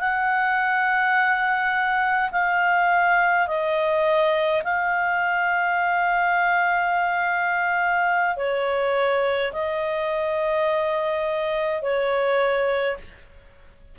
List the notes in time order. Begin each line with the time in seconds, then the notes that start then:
0.00 F#5
2.32 F5
3.47 D#5
4.64 F5
8.37 C#5
9.53 D#5
11.82 C#5